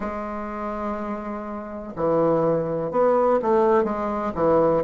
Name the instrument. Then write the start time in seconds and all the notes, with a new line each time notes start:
bassoon
0.00 G#3
1.96 E3
2.91 B3
3.42 A3
3.84 G#3
4.34 E3